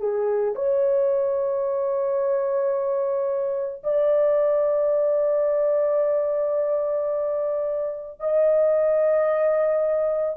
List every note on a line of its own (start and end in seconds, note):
0.00 0.55 G#4
0.55 3.82 C#5
3.84 8.20 D5
8.20 10.37 D#5